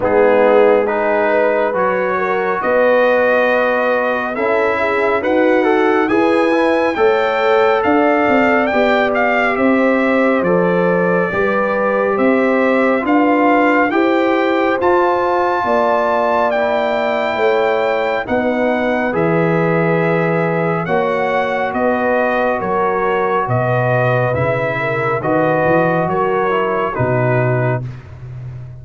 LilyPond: <<
  \new Staff \with { instrumentName = "trumpet" } { \time 4/4 \tempo 4 = 69 gis'4 b'4 cis''4 dis''4~ | dis''4 e''4 fis''4 gis''4 | g''4 f''4 g''8 f''8 e''4 | d''2 e''4 f''4 |
g''4 a''2 g''4~ | g''4 fis''4 e''2 | fis''4 dis''4 cis''4 dis''4 | e''4 dis''4 cis''4 b'4 | }
  \new Staff \with { instrumentName = "horn" } { \time 4/4 dis'4 gis'8 b'4 ais'8 b'4~ | b'4 a'8 gis'8 fis'4 b'4 | cis''4 d''2 c''4~ | c''4 b'4 c''4 b'4 |
c''2 d''2 | cis''4 b'2. | cis''4 b'4 ais'4 b'4~ | b'8 ais'8 b'4 ais'4 fis'4 | }
  \new Staff \with { instrumentName = "trombone" } { \time 4/4 b4 dis'4 fis'2~ | fis'4 e'4 b'8 a'8 gis'8 e'8 | a'2 g'2 | a'4 g'2 f'4 |
g'4 f'2 e'4~ | e'4 dis'4 gis'2 | fis'1 | e'4 fis'4. e'8 dis'4 | }
  \new Staff \with { instrumentName = "tuba" } { \time 4/4 gis2 fis4 b4~ | b4 cis'4 dis'4 e'4 | a4 d'8 c'8 b4 c'4 | f4 g4 c'4 d'4 |
e'4 f'4 ais2 | a4 b4 e2 | ais4 b4 fis4 b,4 | cis4 dis8 e8 fis4 b,4 | }
>>